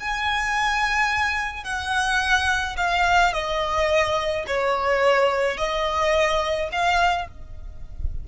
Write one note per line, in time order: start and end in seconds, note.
0.00 1.64 G#5
1.64 2.77 F#5
2.77 3.33 F5
3.33 4.45 D#5
4.47 5.58 C#5
5.58 6.70 D#5
6.72 7.28 F5